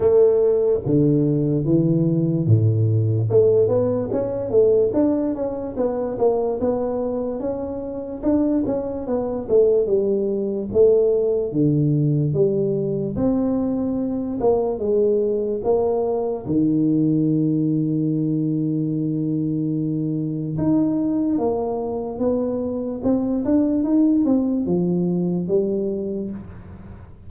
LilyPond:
\new Staff \with { instrumentName = "tuba" } { \time 4/4 \tempo 4 = 73 a4 d4 e4 a,4 | a8 b8 cis'8 a8 d'8 cis'8 b8 ais8 | b4 cis'4 d'8 cis'8 b8 a8 | g4 a4 d4 g4 |
c'4. ais8 gis4 ais4 | dis1~ | dis4 dis'4 ais4 b4 | c'8 d'8 dis'8 c'8 f4 g4 | }